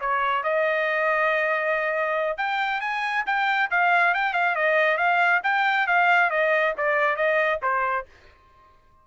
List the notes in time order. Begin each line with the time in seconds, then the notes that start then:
0.00 C#5
0.43 D#5
2.37 G5
2.81 G#5
3.26 G5
3.70 F5
4.14 G5
4.33 F5
4.55 D#5
4.97 F5
5.43 G5
5.87 F5
6.30 D#5
6.77 D5
7.16 D#5
7.62 C5